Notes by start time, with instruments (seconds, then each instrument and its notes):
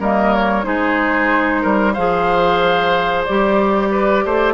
0.00 bassoon G3, clarinet A#3, oboe A#4, flute D#5
0.35 flute C#5
0.63 bassoon G#3, clarinet D#4, oboe G#4, flute C5
1.62 bassoon G3, oboe A#4
1.93 bassoon F3, clarinet G#4, oboe C5, flute F5
3.25 bassoon G3, clarinet G4, flute D5
3.92 oboe B4
4.25 bassoon A3, oboe C5